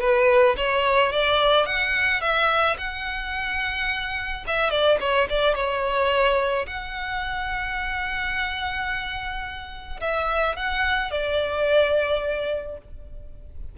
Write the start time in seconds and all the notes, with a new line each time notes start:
0.00 B4
0.57 C#5
1.12 D5
1.66 F#5
2.21 E5
2.78 F#5
4.47 E5
4.70 D5
5.00 C#5
5.29 D5
5.55 C#5
6.66 F#5
10.01 E5
10.56 F#5
11.11 D5